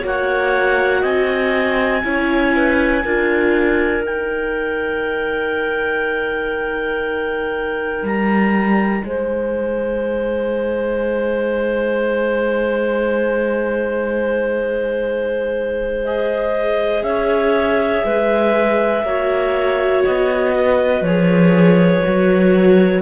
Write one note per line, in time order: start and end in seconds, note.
0.00 1.04 A#3
0.00 2.00 F#4
0.00 1.01 C#5
0.06 1.03 F#5
1.01 2.04 C4
1.01 2.01 D#5
1.01 4.03 G#5
2.04 3.04 C#4
2.04 3.04 E4
2.04 2.55 C#5
2.55 3.03 B4
3.03 4.03 D4
3.03 4.02 F4
3.03 9.03 A#4
4.02 16.02 D#4
4.02 8.03 D#4
4.02 8.05 G5
8.03 9.03 G3
8.03 9.05 A#5
9.04 17.03 G#3
9.04 17.05 C5
9.04 16.04 G#5
16.04 19.05 G#4
16.04 17.03 D#5
17.03 18.03 C#4
17.03 18.05 C#5
17.03 20.03 E5
18.04 19.03 G#3
18.04 19.05 B4
19.03 20.03 A#3
19.03 21.05 F#4
19.03 20.55 C#5
20.04 21.01 B3
20.04 21.03 D#5
20.55 23.02 B4
21.01 22.01 F3
21.01 22.03 G#4
21.01 23.02 C#5
22.03 23.02 F#3
22.03 23.02 F#4